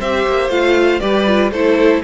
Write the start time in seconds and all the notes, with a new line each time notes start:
0.00 C4 G4 C5 E5
0.27 A#3
0.50 A3 F4 F5
1.00 G3 G4 B4 D5
1.27 F4
1.52 A3 E4 A4 C5